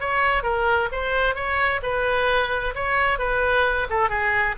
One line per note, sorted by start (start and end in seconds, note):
0.00 0.43 C#5
0.43 0.89 A#4
0.91 1.34 C5
1.34 1.80 C#5
1.82 2.74 B4
2.75 3.18 C#5
3.18 3.87 B4
3.90 4.09 A4
4.09 4.55 G#4